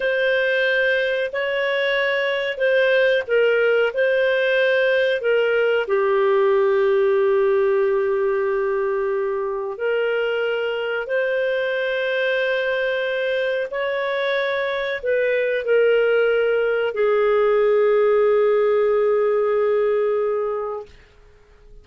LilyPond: \new Staff \with { instrumentName = "clarinet" } { \time 4/4 \tempo 4 = 92 c''2 cis''2 | c''4 ais'4 c''2 | ais'4 g'2.~ | g'2. ais'4~ |
ais'4 c''2.~ | c''4 cis''2 b'4 | ais'2 gis'2~ | gis'1 | }